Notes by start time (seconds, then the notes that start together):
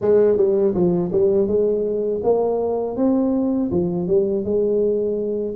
0.01 G#3
0.37 G3
0.74 F3
1.11 G3
1.46 G#3
2.23 A#3
2.96 C4
3.71 F3
4.07 G3
4.44 G#3